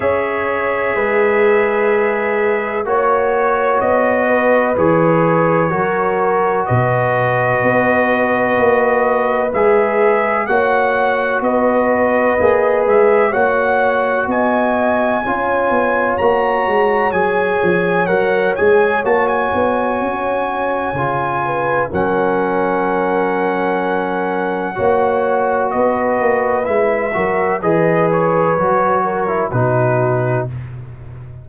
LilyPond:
<<
  \new Staff \with { instrumentName = "trumpet" } { \time 4/4 \tempo 4 = 63 e''2. cis''4 | dis''4 cis''2 dis''4~ | dis''2 e''4 fis''4 | dis''4. e''8 fis''4 gis''4~ |
gis''4 ais''4 gis''4 fis''8 gis''8 | a''16 gis''2~ gis''8. fis''4~ | fis''2. dis''4 | e''4 dis''8 cis''4. b'4 | }
  \new Staff \with { instrumentName = "horn" } { \time 4/4 cis''4 b'2 cis''4~ | cis''8 b'4. ais'4 b'4~ | b'2. cis''4 | b'2 cis''4 dis''4 |
cis''1~ | cis''2~ cis''8 b'8 ais'4~ | ais'2 cis''4 b'4~ | b'8 ais'8 b'4. ais'8 fis'4 | }
  \new Staff \with { instrumentName = "trombone" } { \time 4/4 gis'2. fis'4~ | fis'4 gis'4 fis'2~ | fis'2 gis'4 fis'4~ | fis'4 gis'4 fis'2 |
f'4 fis'4 gis'4 ais'8 gis'8 | fis'2 f'4 cis'4~ | cis'2 fis'2 | e'8 fis'8 gis'4 fis'8. e'16 dis'4 | }
  \new Staff \with { instrumentName = "tuba" } { \time 4/4 cis'4 gis2 ais4 | b4 e4 fis4 b,4 | b4 ais4 gis4 ais4 | b4 ais8 gis8 ais4 b4 |
cis'8 b8 ais8 gis8 fis8 f8 fis8 gis8 | ais8 b8 cis'4 cis4 fis4~ | fis2 ais4 b8 ais8 | gis8 fis8 e4 fis4 b,4 | }
>>